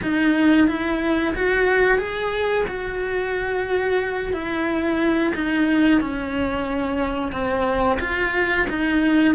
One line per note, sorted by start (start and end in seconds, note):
0.02 0.67 D#4
0.67 1.34 E4
1.35 1.98 F#4
1.98 2.65 G#4
2.68 4.33 F#4
4.33 5.33 E4
5.35 6.01 D#4
6.01 7.32 C#4
7.32 7.98 C4
7.99 8.66 F4
8.69 9.35 D#4